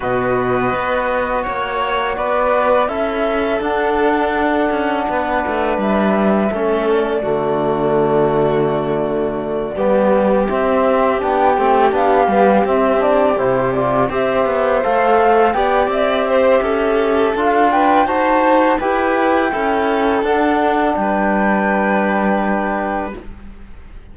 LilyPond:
<<
  \new Staff \with { instrumentName = "flute" } { \time 4/4 \tempo 4 = 83 dis''2 cis''4 d''4 | e''4 fis''2. | e''4. d''2~ d''8~ | d''2~ d''8 e''4 g''8~ |
g''8 f''4 e''8 d''8 c''8 d''8 e''8~ | e''8 f''4 g''8 e''2 | f''8 g''8 a''4 g''2 | fis''4 g''2. | }
  \new Staff \with { instrumentName = "violin" } { \time 4/4 b'2 cis''4 b'4 | a'2. b'4~ | b'4 a'4 fis'2~ | fis'4. g'2~ g'8~ |
g'2.~ g'8 c''8~ | c''4. d''4 c''8 a'4~ | a'8 b'8 c''4 b'4 a'4~ | a'4 b'2. | }
  \new Staff \with { instrumentName = "trombone" } { \time 4/4 fis'1 | e'4 d'2.~ | d'4 cis'4 a2~ | a4. b4 c'4 d'8 |
c'8 d'8 b8 c'8 d'8 e'8 f'8 g'8~ | g'8 a'4 g'2~ g'8 | f'4 fis'4 g'4 e'4 | d'1 | }
  \new Staff \with { instrumentName = "cello" } { \time 4/4 b,4 b4 ais4 b4 | cis'4 d'4. cis'8 b8 a8 | g4 a4 d2~ | d4. g4 c'4 b8 |
a8 b8 g8 c'4 c4 c'8 | b8 a4 b8 c'4 cis'4 | d'4 dis'4 e'4 cis'4 | d'4 g2. | }
>>